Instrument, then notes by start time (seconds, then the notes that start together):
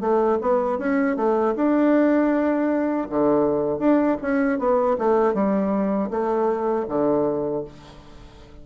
bassoon
0.00 A3
0.41 B3
0.78 C#4
1.16 A3
1.56 D4
3.10 D3
3.79 D4
4.22 C#4
4.59 B3
4.98 A3
5.34 G3
6.10 A3
6.88 D3